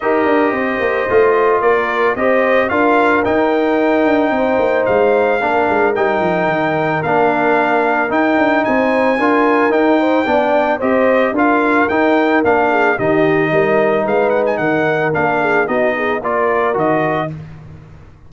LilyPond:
<<
  \new Staff \with { instrumentName = "trumpet" } { \time 4/4 \tempo 4 = 111 dis''2. d''4 | dis''4 f''4 g''2~ | g''4 f''2 g''4~ | g''4 f''2 g''4 |
gis''2 g''2 | dis''4 f''4 g''4 f''4 | dis''2 f''8 fis''16 gis''16 fis''4 | f''4 dis''4 d''4 dis''4 | }
  \new Staff \with { instrumentName = "horn" } { \time 4/4 ais'4 c''2 ais'4 | c''4 ais'2. | c''2 ais'2~ | ais'1 |
c''4 ais'4. c''8 d''4 | c''4 ais'2~ ais'8 gis'8 | g'4 ais'4 b'4 ais'4~ | ais'8 gis'8 fis'8 gis'8 ais'2 | }
  \new Staff \with { instrumentName = "trombone" } { \time 4/4 g'2 f'2 | g'4 f'4 dis'2~ | dis'2 d'4 dis'4~ | dis'4 d'2 dis'4~ |
dis'4 f'4 dis'4 d'4 | g'4 f'4 dis'4 d'4 | dis'1 | d'4 dis'4 f'4 fis'4 | }
  \new Staff \with { instrumentName = "tuba" } { \time 4/4 dis'8 d'8 c'8 ais8 a4 ais4 | c'4 d'4 dis'4. d'8 | c'8 ais8 gis4 ais8 gis8 g8 f8 | dis4 ais2 dis'8 d'8 |
c'4 d'4 dis'4 b4 | c'4 d'4 dis'4 ais4 | dis4 g4 gis4 dis4 | ais4 b4 ais4 dis4 | }
>>